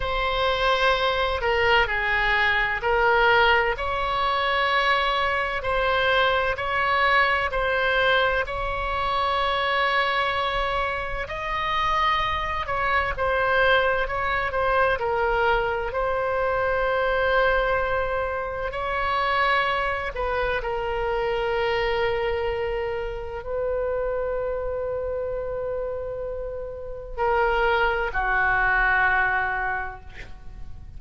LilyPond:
\new Staff \with { instrumentName = "oboe" } { \time 4/4 \tempo 4 = 64 c''4. ais'8 gis'4 ais'4 | cis''2 c''4 cis''4 | c''4 cis''2. | dis''4. cis''8 c''4 cis''8 c''8 |
ais'4 c''2. | cis''4. b'8 ais'2~ | ais'4 b'2.~ | b'4 ais'4 fis'2 | }